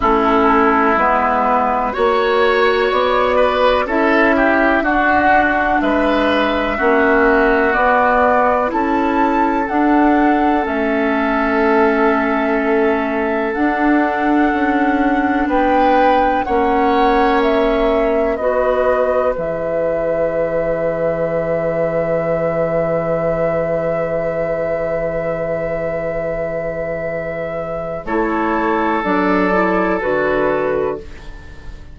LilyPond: <<
  \new Staff \with { instrumentName = "flute" } { \time 4/4 \tempo 4 = 62 a'4 b'4 cis''4 d''4 | e''4 fis''4 e''2 | d''4 a''4 fis''4 e''4~ | e''2 fis''2 |
g''4 fis''4 e''4 dis''4 | e''1~ | e''1~ | e''4 cis''4 d''4 b'4 | }
  \new Staff \with { instrumentName = "oboe" } { \time 4/4 e'2 cis''4. b'8 | a'8 g'8 fis'4 b'4 fis'4~ | fis'4 a'2.~ | a'1 |
b'4 cis''2 b'4~ | b'1~ | b'1~ | b'4 a'2. | }
  \new Staff \with { instrumentName = "clarinet" } { \time 4/4 cis'4 b4 fis'2 | e'4 d'2 cis'4 | b4 e'4 d'4 cis'4~ | cis'2 d'2~ |
d'4 cis'2 fis'4 | gis'1~ | gis'1~ | gis'4 e'4 d'8 e'8 fis'4 | }
  \new Staff \with { instrumentName = "bassoon" } { \time 4/4 a4 gis4 ais4 b4 | cis'4 d'4 gis4 ais4 | b4 cis'4 d'4 a4~ | a2 d'4 cis'4 |
b4 ais2 b4 | e1~ | e1~ | e4 a4 fis4 d4 | }
>>